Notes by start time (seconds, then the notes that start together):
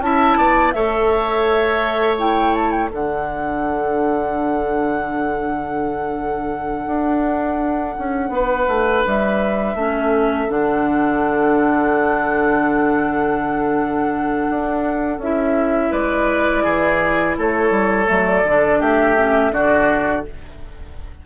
0.00 C#4 E4 E5 A5
0.37 B3 D5
0.71 A3 A4 C#5 E5
2.18 E4 G5
2.55 A5
2.71 G5
2.90 D3 D4 A4 F#5
6.86 D4
7.98 C#4
8.29 B3 B4
8.68 A3
9.06 G3 E5
9.75 A3 C#4 A4
10.49 D3 D4 F#5
14.50 D4
15.18 C#4 E4 E5
15.91 G#3 B4 D5
16.63 E3 G#4
17.37 A3 A4 C#5
17.70 G3
18.06 F#3 A3
18.12 D5
18.44 D3 D4
18.79 A3 G4 E5
19.17 C#4
19.51 D3 D4 F#4 D5